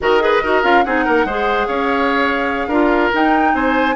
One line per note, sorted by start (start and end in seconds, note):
0.00 0.42 D#3
0.00 0.20 F#4
0.00 0.22 A#4
0.00 0.63 D#5
0.20 0.41 G#4
0.20 0.42 B4
0.42 0.63 D#4
0.42 0.63 F#4
0.42 0.84 A#4
0.63 0.84 C#4
0.63 0.84 F4
0.63 0.84 F5
0.84 1.06 C4
0.84 1.27 D#4
0.84 1.04 G#4
0.84 1.66 F#5
1.04 1.24 A#3
1.04 1.25 A#4
1.24 1.66 G#3
1.24 2.71 G#4
1.24 1.67 C5
1.66 2.67 C#4
1.66 2.68 C#5
1.66 3.12 F5
2.67 3.09 D4
2.67 3.12 F4
2.67 3.51 A#4
3.12 3.95 D#4
3.12 3.54 D#4
3.12 3.55 G5
3.54 3.95 C4
3.54 3.95 C5
3.54 3.95 G#5